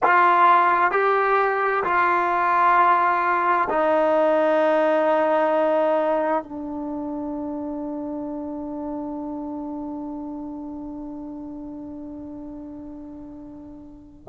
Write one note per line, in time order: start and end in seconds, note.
0.03 0.91 F4
0.91 1.83 G4
1.83 3.68 F4
3.69 6.43 D#4
6.43 14.27 D4